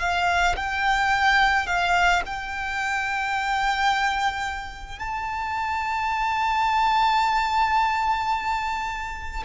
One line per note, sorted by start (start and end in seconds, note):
0.00 0.56 F5
0.56 1.67 G5
1.67 2.22 F5
2.26 4.99 G5
4.99 9.43 A5